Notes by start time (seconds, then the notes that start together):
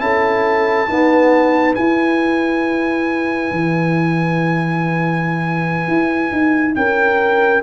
0.00 C#4 E4 A4 A5
0.88 B3 D#4 B4
1.75 E4 G#5
3.52 E3
5.88 E4
6.32 D#4
6.76 C#4 A#4 G5